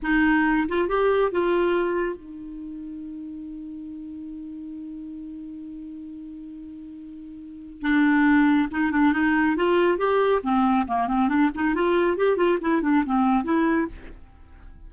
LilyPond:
\new Staff \with { instrumentName = "clarinet" } { \time 4/4 \tempo 4 = 138 dis'4. f'8 g'4 f'4~ | f'4 dis'2.~ | dis'1~ | dis'1~ |
dis'2 d'2 | dis'8 d'8 dis'4 f'4 g'4 | c'4 ais8 c'8 d'8 dis'8 f'4 | g'8 f'8 e'8 d'8 c'4 e'4 | }